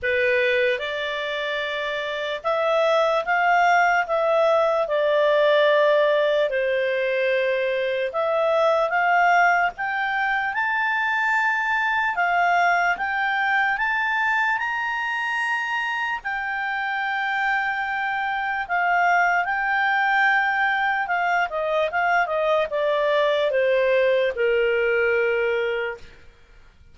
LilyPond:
\new Staff \with { instrumentName = "clarinet" } { \time 4/4 \tempo 4 = 74 b'4 d''2 e''4 | f''4 e''4 d''2 | c''2 e''4 f''4 | g''4 a''2 f''4 |
g''4 a''4 ais''2 | g''2. f''4 | g''2 f''8 dis''8 f''8 dis''8 | d''4 c''4 ais'2 | }